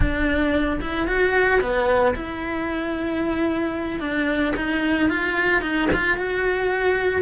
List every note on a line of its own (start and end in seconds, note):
0.00 0.79 D4
0.80 1.07 E4
1.07 1.60 F#4
1.61 2.14 B3
2.15 4.00 E4
4.00 4.53 D4
4.56 5.09 D#4
5.09 5.61 F4
5.61 5.88 D#4
5.93 6.17 F4
6.17 7.22 F#4